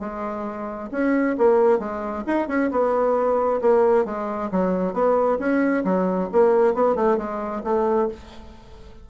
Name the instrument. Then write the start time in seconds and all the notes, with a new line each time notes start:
bassoon
0.00 G#3
0.92 C#4
1.38 A#3
1.79 G#3
2.27 D#4
2.48 C#4
2.71 B3
3.62 A#3
4.05 G#3
4.52 F#3
4.94 B3
5.40 C#4
5.85 F#3
6.33 A#3
6.75 B3
6.96 A3
7.18 G#3
7.64 A3